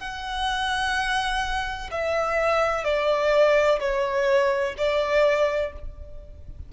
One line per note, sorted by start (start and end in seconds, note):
0.00 1.90 F#5
1.91 2.84 E5
2.84 3.80 D5
3.81 4.76 C#5
4.78 5.73 D5